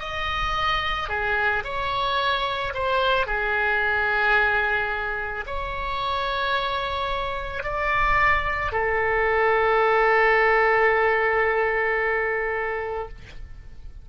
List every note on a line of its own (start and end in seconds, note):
0.00 1.09 D#5
1.09 1.64 G#4
1.64 2.73 C#5
2.74 3.27 C5
3.27 5.45 G#4
5.47 7.64 C#5
7.64 8.72 D5
8.72 13.09 A4